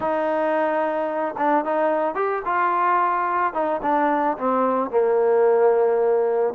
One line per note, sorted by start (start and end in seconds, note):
0.00 1.35 D#4
1.37 1.64 D4
1.64 2.14 D#4
2.14 2.42 G4
2.45 3.53 F4
3.53 3.80 D#4
3.82 4.37 D4
4.38 4.90 C4
4.90 6.54 A#3